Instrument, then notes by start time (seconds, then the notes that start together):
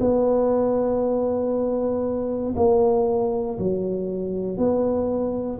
tuba
0.00 B3
2.56 A#3
3.59 F#3
4.57 B3